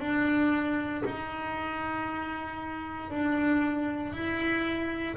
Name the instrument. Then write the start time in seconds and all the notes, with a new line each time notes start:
double bass
0.00 D4
1.05 D#4
3.10 D4
4.13 E4